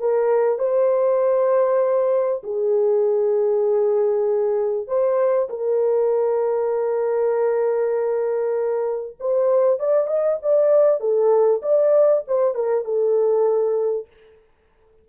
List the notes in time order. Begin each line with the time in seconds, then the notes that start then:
0.00 A#4
0.59 C5
2.44 G#4
4.88 C5
5.50 A#4
9.20 C5
9.80 D5
10.07 D#5
10.42 D5
11.00 A4
11.62 D5
12.28 C5
12.55 A#4
12.85 A4